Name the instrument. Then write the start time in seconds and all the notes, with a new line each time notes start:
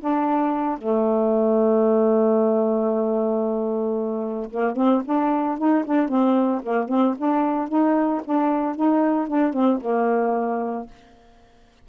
saxophone
0.00 D4
0.78 A3
4.50 A#3
4.76 C4
5.05 D4
5.58 D#4
5.85 D4
6.08 C4
6.63 A#3
6.89 C4
7.18 D4
7.68 D#4
8.24 D4
8.76 D#4
9.28 D4
9.53 C4
9.81 A#3